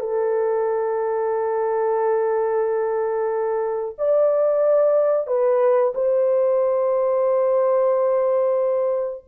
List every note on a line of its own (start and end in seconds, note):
0.00 3.96 A4
3.99 5.27 D5
5.27 5.93 B4
5.95 9.24 C5